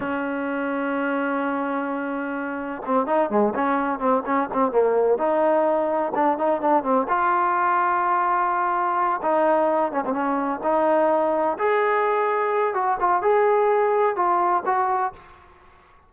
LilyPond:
\new Staff \with { instrumentName = "trombone" } { \time 4/4 \tempo 4 = 127 cis'1~ | cis'2 c'8 dis'8 gis8 cis'8~ | cis'8 c'8 cis'8 c'8 ais4 dis'4~ | dis'4 d'8 dis'8 d'8 c'8 f'4~ |
f'2.~ f'8 dis'8~ | dis'4 cis'16 c'16 cis'4 dis'4.~ | dis'8 gis'2~ gis'8 fis'8 f'8 | gis'2 f'4 fis'4 | }